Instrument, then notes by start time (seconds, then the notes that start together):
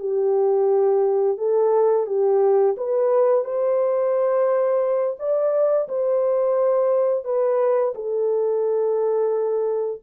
horn
0.00 G4
1.38 A4
2.07 G4
2.77 B4
3.45 C5
5.20 D5
5.89 C5
7.25 B4
7.95 A4